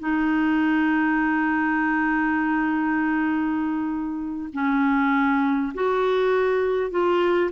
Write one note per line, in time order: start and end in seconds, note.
0.00 4.50 D#4
4.53 5.74 C#4
5.75 6.91 F#4
6.91 7.51 F4